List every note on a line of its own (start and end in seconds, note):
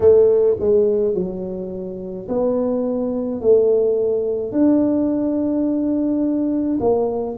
0.00 0.56 A3
0.59 1.14 G#3
1.14 2.27 F#3
2.28 3.40 B3
3.40 4.51 A3
4.51 6.78 D4
6.79 7.36 A#3